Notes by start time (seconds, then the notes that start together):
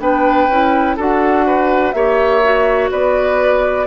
0.00 B3 D4 B4 G5
0.48 C#4 E4
0.97 D4 F#4 A4 F#5
1.47 B4
1.92 A#3 G4 C#5 E5
2.44 F#4
2.91 B3 B4 D5